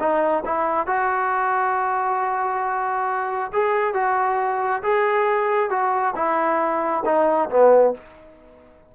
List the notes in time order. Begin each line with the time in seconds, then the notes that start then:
0.00 D#4
0.45 E4
0.87 F#4
3.53 G#4
3.94 F#4
4.83 G#4
5.71 F#4
6.16 E4
7.06 D#4
7.50 B3